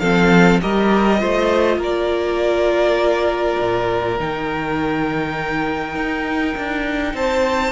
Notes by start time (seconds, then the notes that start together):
0.00 F3 C4 A4 F5
0.62 G3 G4 A#4 D#5
1.19 A3 F4 C5
1.78 A#3 A#4 D5
3.60 A#2
4.20 D#3 D#4 G5
5.96 D#4
6.57 D4
7.14 C4 C5 A5